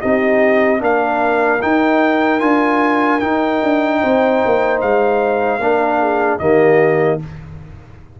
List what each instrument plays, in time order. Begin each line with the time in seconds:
0.00 tuba C4, trombone D#4, horn G4, trumpet D#5
0.79 tuba A#3, trombone D4, horn A#4, trumpet F5
1.62 trombone D#4, tuba D#4, trumpet G5
2.40 tuba D4, trombone F4, trumpet G#5
3.20 trombone D#4, tuba D#4, trumpet G5
3.63 tuba D4
4.01 tuba C4, horn C5
4.45 tuba A#3
4.81 tuba G#3, trumpet F5
5.59 tuba A#3, trombone D4, horn A#4
6.00 horn G#4
6.39 tuba D#3, trombone A#3, horn G4, trumpet D#5